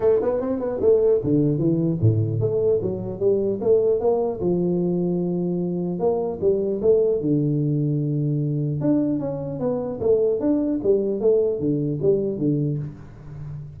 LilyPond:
\new Staff \with { instrumentName = "tuba" } { \time 4/4 \tempo 4 = 150 a8 b8 c'8 b8 a4 d4 | e4 a,4 a4 fis4 | g4 a4 ais4 f4~ | f2. ais4 |
g4 a4 d2~ | d2 d'4 cis'4 | b4 a4 d'4 g4 | a4 d4 g4 d4 | }